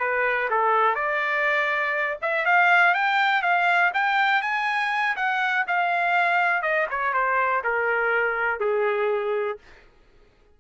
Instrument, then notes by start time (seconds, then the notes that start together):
trumpet
0.00 B4
0.51 A4
0.95 D5
2.22 E5
2.45 F5
2.94 G5
3.42 F5
3.94 G5
4.42 G#5
5.17 F#5
5.68 F5
6.62 D#5
6.90 C#5
7.14 C5
7.64 A#4
8.60 G#4